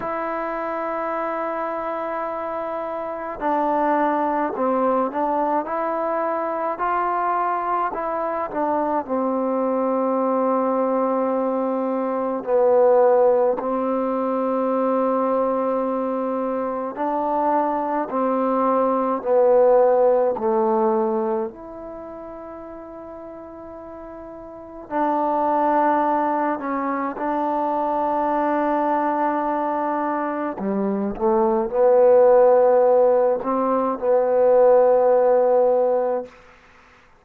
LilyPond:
\new Staff \with { instrumentName = "trombone" } { \time 4/4 \tempo 4 = 53 e'2. d'4 | c'8 d'8 e'4 f'4 e'8 d'8 | c'2. b4 | c'2. d'4 |
c'4 b4 a4 e'4~ | e'2 d'4. cis'8 | d'2. g8 a8 | b4. c'8 b2 | }